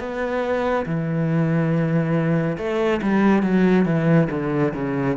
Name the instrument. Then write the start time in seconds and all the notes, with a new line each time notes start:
cello
0.00 B3
0.86 E3
2.58 A3
3.02 G3
3.43 F#3
3.86 E3
4.31 D3
4.75 C#3